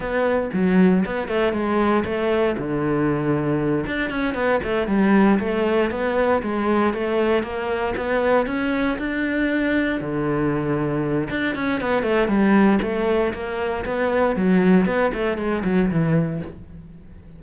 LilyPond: \new Staff \with { instrumentName = "cello" } { \time 4/4 \tempo 4 = 117 b4 fis4 b8 a8 gis4 | a4 d2~ d8 d'8 | cis'8 b8 a8 g4 a4 b8~ | b8 gis4 a4 ais4 b8~ |
b8 cis'4 d'2 d8~ | d2 d'8 cis'8 b8 a8 | g4 a4 ais4 b4 | fis4 b8 a8 gis8 fis8 e4 | }